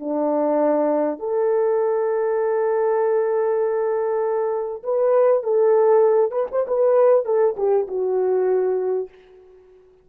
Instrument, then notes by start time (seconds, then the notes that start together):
horn
0.00 D4
1.20 A4
4.84 B4
5.44 A4
6.32 B4
6.52 C5
6.67 B4
7.26 A4
7.57 G4
7.88 F#4